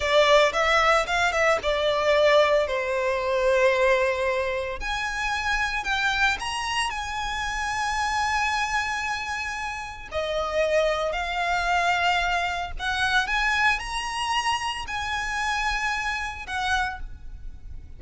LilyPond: \new Staff \with { instrumentName = "violin" } { \time 4/4 \tempo 4 = 113 d''4 e''4 f''8 e''8 d''4~ | d''4 c''2.~ | c''4 gis''2 g''4 | ais''4 gis''2.~ |
gis''2. dis''4~ | dis''4 f''2. | fis''4 gis''4 ais''2 | gis''2. fis''4 | }